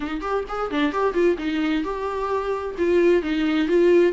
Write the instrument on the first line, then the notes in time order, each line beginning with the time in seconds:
viola
0.00 D#4
0.21 G4
0.48 G#4
0.70 D4
0.92 G4
1.13 F4
1.38 D#4
1.84 G4
2.78 F4
3.22 D#4
3.68 F4